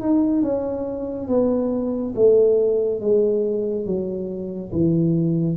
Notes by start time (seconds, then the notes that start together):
0.00 D#4
0.42 C#4
1.27 B3
2.15 A3
3.00 G#3
3.85 F#3
4.71 E3